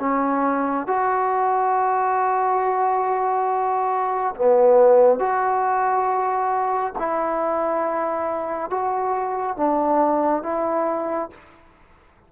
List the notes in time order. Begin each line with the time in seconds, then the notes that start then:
0.00 C#4
0.87 F#4
4.36 B3
5.19 F#4
6.99 E4
8.70 F#4
9.57 D4
10.43 E4